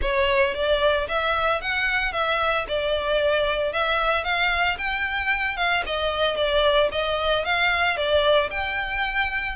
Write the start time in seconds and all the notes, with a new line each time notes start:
0.01 C#5
0.54 D5
1.08 E5
1.61 F#5
2.12 E5
2.68 D5
3.72 E5
4.24 F5
4.77 G5
5.56 F5
5.86 D#5
6.36 D5
6.91 D#5
7.44 F5
7.96 D5
8.50 G5